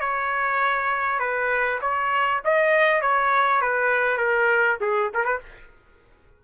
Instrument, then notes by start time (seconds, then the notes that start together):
trumpet
0.00 C#5
1.19 B4
1.81 C#5
2.44 D#5
3.01 C#5
3.61 B4
4.17 A#4
4.80 G#4
5.14 A#4
5.24 B4